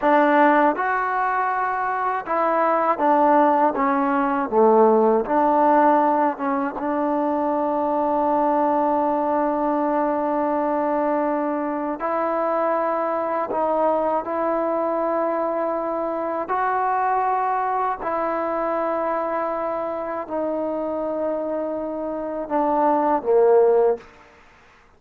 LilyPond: \new Staff \with { instrumentName = "trombone" } { \time 4/4 \tempo 4 = 80 d'4 fis'2 e'4 | d'4 cis'4 a4 d'4~ | d'8 cis'8 d'2.~ | d'1 |
e'2 dis'4 e'4~ | e'2 fis'2 | e'2. dis'4~ | dis'2 d'4 ais4 | }